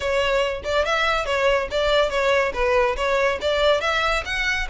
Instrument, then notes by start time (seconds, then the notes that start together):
violin
0.00 C#5
0.64 D5
0.85 E5
1.25 C#5
1.70 D5
2.09 C#5
2.53 B4
2.96 C#5
3.41 D5
3.80 E5
4.25 F#5